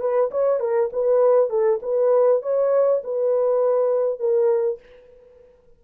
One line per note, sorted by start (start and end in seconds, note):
0.00 0.30 B4
0.31 0.59 C#5
0.59 0.89 A#4
0.92 1.49 B4
1.49 1.79 A4
1.82 2.42 B4
2.42 3.02 C#5
3.03 4.19 B4
4.19 4.79 A#4